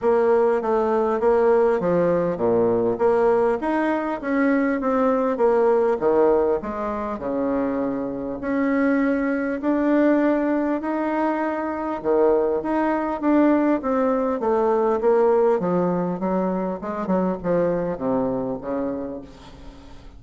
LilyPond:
\new Staff \with { instrumentName = "bassoon" } { \time 4/4 \tempo 4 = 100 ais4 a4 ais4 f4 | ais,4 ais4 dis'4 cis'4 | c'4 ais4 dis4 gis4 | cis2 cis'2 |
d'2 dis'2 | dis4 dis'4 d'4 c'4 | a4 ais4 f4 fis4 | gis8 fis8 f4 c4 cis4 | }